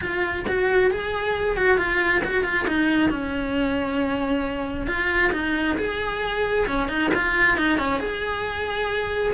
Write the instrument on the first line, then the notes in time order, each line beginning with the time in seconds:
cello
0.01 F4
0.47 F#4
0.90 G#4
1.56 F#4
1.77 F4
2.23 F#4
2.44 F4
2.67 D#4
3.09 C#4
4.86 F4
5.32 D#4
5.77 G#4
6.66 C#4
6.88 D#4
7.14 F4
7.57 D#4
7.78 C#4
7.99 G#4